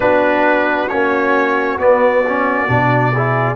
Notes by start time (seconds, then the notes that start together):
0.00 B3 D4 F#4 B4
0.88 A#3 C#4 C#5
1.78 B3 D5
2.27 C#4
2.68 B2 D4
3.13 E4 G#4